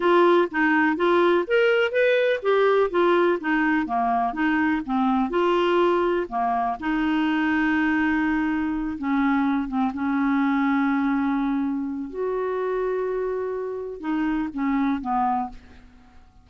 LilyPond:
\new Staff \with { instrumentName = "clarinet" } { \time 4/4 \tempo 4 = 124 f'4 dis'4 f'4 ais'4 | b'4 g'4 f'4 dis'4 | ais4 dis'4 c'4 f'4~ | f'4 ais4 dis'2~ |
dis'2~ dis'8 cis'4. | c'8 cis'2.~ cis'8~ | cis'4 fis'2.~ | fis'4 dis'4 cis'4 b4 | }